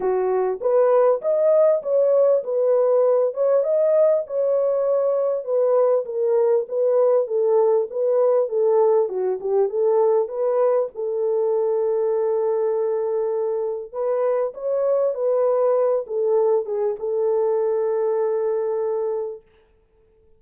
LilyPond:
\new Staff \with { instrumentName = "horn" } { \time 4/4 \tempo 4 = 99 fis'4 b'4 dis''4 cis''4 | b'4. cis''8 dis''4 cis''4~ | cis''4 b'4 ais'4 b'4 | a'4 b'4 a'4 fis'8 g'8 |
a'4 b'4 a'2~ | a'2. b'4 | cis''4 b'4. a'4 gis'8 | a'1 | }